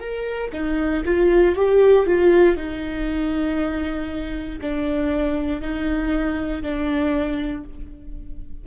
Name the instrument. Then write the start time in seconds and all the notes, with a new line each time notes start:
viola
0.00 A#4
0.53 D#4
1.06 F4
1.56 G4
2.07 F4
2.57 D#4
4.62 D4
5.62 D#4
6.63 D4